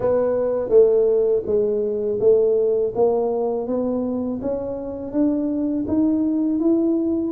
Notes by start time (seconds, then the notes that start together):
0.00 B3
0.69 A3
1.45 G#3
2.20 A3
2.95 A#3
3.67 B3
4.41 C#4
5.12 D4
5.87 D#4
6.59 E4